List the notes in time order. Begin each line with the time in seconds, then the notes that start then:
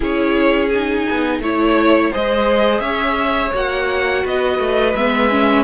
0.00 C#4 E4 G#4 C#5
0.69 D#4 G#5
1.09 B3
1.39 A3 E4 C#5
2.11 G#3 G#4 C5 D#5
2.79 C#4 C#5 E5
3.54 A#3 F#4 F#5
4.23 B3 B4 D#5
4.59 A3
4.95 G#3 B3 E5
5.30 C#4